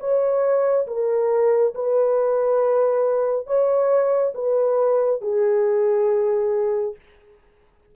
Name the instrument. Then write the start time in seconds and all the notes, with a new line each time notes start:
horn
0.00 C#5
0.87 A#4
1.75 B4
3.47 C#5
4.35 B4
5.21 G#4